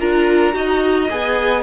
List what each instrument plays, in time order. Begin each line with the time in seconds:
0.00 cello D4, viola F4, violin A#4 A#5
0.52 cello D#4, viola F#4, violin D#5
1.10 cello B3, viola G#4, violin G#5